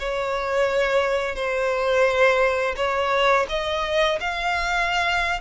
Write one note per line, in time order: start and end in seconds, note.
0.00 1.36 C#5
1.36 2.76 C5
2.77 3.47 C#5
3.49 4.19 D#5
4.21 5.41 F5